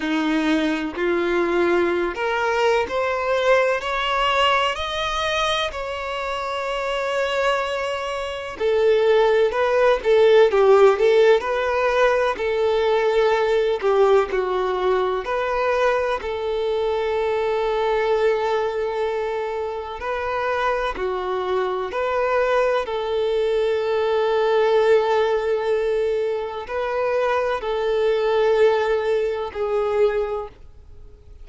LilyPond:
\new Staff \with { instrumentName = "violin" } { \time 4/4 \tempo 4 = 63 dis'4 f'4~ f'16 ais'8. c''4 | cis''4 dis''4 cis''2~ | cis''4 a'4 b'8 a'8 g'8 a'8 | b'4 a'4. g'8 fis'4 |
b'4 a'2.~ | a'4 b'4 fis'4 b'4 | a'1 | b'4 a'2 gis'4 | }